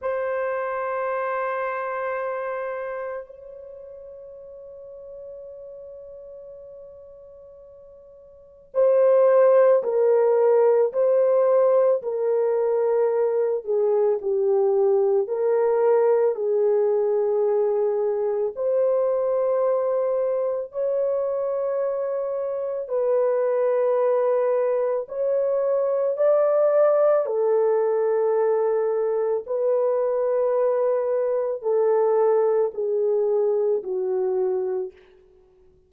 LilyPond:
\new Staff \with { instrumentName = "horn" } { \time 4/4 \tempo 4 = 55 c''2. cis''4~ | cis''1 | c''4 ais'4 c''4 ais'4~ | ais'8 gis'8 g'4 ais'4 gis'4~ |
gis'4 c''2 cis''4~ | cis''4 b'2 cis''4 | d''4 a'2 b'4~ | b'4 a'4 gis'4 fis'4 | }